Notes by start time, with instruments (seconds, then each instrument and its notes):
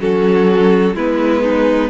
0.00 cello F#3, viola C#4, violin F#4 A4
0.94 cello G#3, viola B3, violin E4 B4
1.43 violin D#4